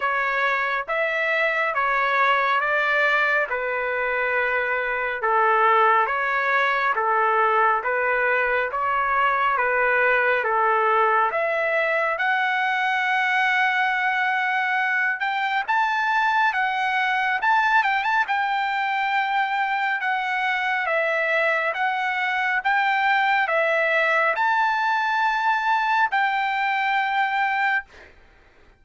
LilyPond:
\new Staff \with { instrumentName = "trumpet" } { \time 4/4 \tempo 4 = 69 cis''4 e''4 cis''4 d''4 | b'2 a'4 cis''4 | a'4 b'4 cis''4 b'4 | a'4 e''4 fis''2~ |
fis''4. g''8 a''4 fis''4 | a''8 g''16 a''16 g''2 fis''4 | e''4 fis''4 g''4 e''4 | a''2 g''2 | }